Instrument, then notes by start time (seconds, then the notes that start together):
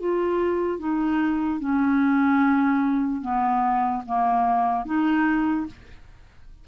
clarinet
0.00 F4
0.79 D#4
1.60 C#4
3.22 B3
4.06 A#3
4.85 D#4